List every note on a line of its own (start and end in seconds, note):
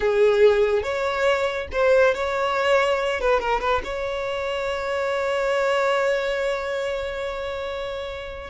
0.00 0.82 G#4
0.82 1.67 C#5
1.71 2.14 C5
2.14 3.20 C#5
3.20 3.39 B4
3.39 3.60 A#4
3.60 3.81 B4
3.83 8.50 C#5